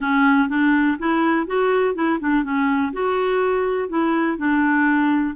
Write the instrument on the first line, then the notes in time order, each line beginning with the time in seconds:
clarinet
0.00 C#4
0.48 D4
0.98 E4
1.46 F#4
1.94 E4
2.20 D4
2.43 C#4
2.93 F#4
3.88 E4
4.37 D4